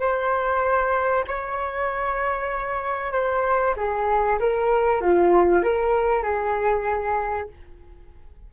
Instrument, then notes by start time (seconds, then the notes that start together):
flute
0.00 C5
1.28 C#5
3.12 C5
3.77 G#4
4.40 A#4
5.01 F4
5.63 A#4
6.23 G#4